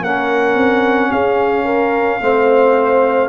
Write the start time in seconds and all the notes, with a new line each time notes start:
0.00 A#3 C#4 A#4 F#5
0.55 C4
1.11 C#4 G#4 F5
1.64 A#4
2.21 A3 C4 C5